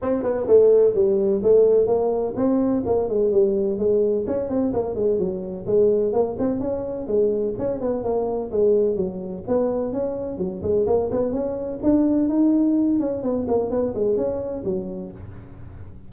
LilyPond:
\new Staff \with { instrumentName = "tuba" } { \time 4/4 \tempo 4 = 127 c'8 b8 a4 g4 a4 | ais4 c'4 ais8 gis8 g4 | gis4 cis'8 c'8 ais8 gis8 fis4 | gis4 ais8 c'8 cis'4 gis4 |
cis'8 b8 ais4 gis4 fis4 | b4 cis'4 fis8 gis8 ais8 b8 | cis'4 d'4 dis'4. cis'8 | b8 ais8 b8 gis8 cis'4 fis4 | }